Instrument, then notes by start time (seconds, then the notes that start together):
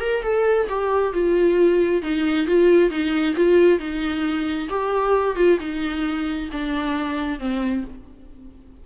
viola
0.00 A#4
0.23 A4
0.68 G4
1.13 F4
2.02 D#4
2.46 F4
2.90 D#4
3.36 F4
3.79 D#4
4.69 G4
5.36 F4
5.60 D#4
6.52 D4
7.39 C4